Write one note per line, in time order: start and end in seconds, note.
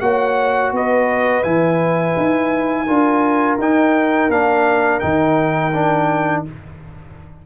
0.00 0.72 A#3
0.00 1.43 F#4
0.00 0.74 C#5
0.00 0.71 F#5
0.72 1.44 B3
0.72 2.85 B4
0.72 1.43 D#5
1.43 2.16 E3
1.43 2.86 E4
1.43 3.57 G#5
2.17 2.88 D#4
2.85 3.58 D4
2.85 3.58 F4
2.85 6.42 A#4
3.58 4.29 D#4
3.58 4.31 D#4
3.58 4.31 G5
4.29 5.00 A#3
4.29 5.01 D4
4.29 5.00 F5
5.00 6.46 D#3
5.00 5.72 D#4
5.00 6.42 G5
5.73 6.45 D4